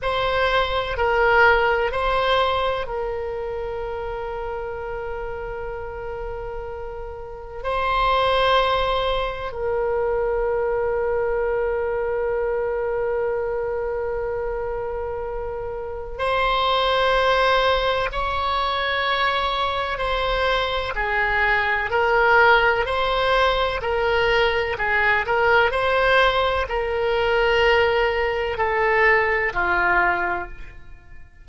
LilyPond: \new Staff \with { instrumentName = "oboe" } { \time 4/4 \tempo 4 = 63 c''4 ais'4 c''4 ais'4~ | ais'1 | c''2 ais'2~ | ais'1~ |
ais'4 c''2 cis''4~ | cis''4 c''4 gis'4 ais'4 | c''4 ais'4 gis'8 ais'8 c''4 | ais'2 a'4 f'4 | }